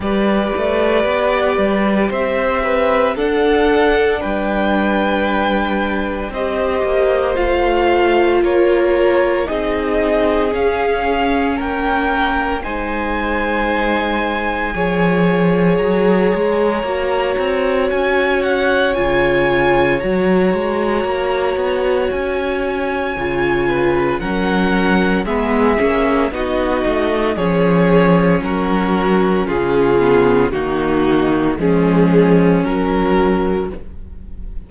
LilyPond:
<<
  \new Staff \with { instrumentName = "violin" } { \time 4/4 \tempo 4 = 57 d''2 e''4 fis''4 | g''2 dis''4 f''4 | cis''4 dis''4 f''4 g''4 | gis''2. ais''4~ |
ais''4 gis''8 fis''8 gis''4 ais''4~ | ais''4 gis''2 fis''4 | e''4 dis''4 cis''4 ais'4 | gis'4 fis'4 gis'4 ais'4 | }
  \new Staff \with { instrumentName = "violin" } { \time 4/4 b'2 c''8 b'8 a'4 | b'2 c''2 | ais'4 gis'2 ais'4 | c''2 cis''2~ |
cis''1~ | cis''2~ cis''8 b'8 ais'4 | gis'4 fis'4 gis'4 fis'4 | f'4 dis'4 cis'2 | }
  \new Staff \with { instrumentName = "viola" } { \time 4/4 g'2. d'4~ | d'2 g'4 f'4~ | f'4 dis'4 cis'2 | dis'2 gis'2 |
fis'2 f'4 fis'4~ | fis'2 f'4 cis'4 | b8 cis'8 dis'4 cis'2~ | cis'8 b8 ais4 gis4 fis4 | }
  \new Staff \with { instrumentName = "cello" } { \time 4/4 g8 a8 b8 g8 c'4 d'4 | g2 c'8 ais8 a4 | ais4 c'4 cis'4 ais4 | gis2 f4 fis8 gis8 |
ais8 c'8 cis'4 cis4 fis8 gis8 | ais8 b8 cis'4 cis4 fis4 | gis8 ais8 b8 a8 f4 fis4 | cis4 dis4 f4 fis4 | }
>>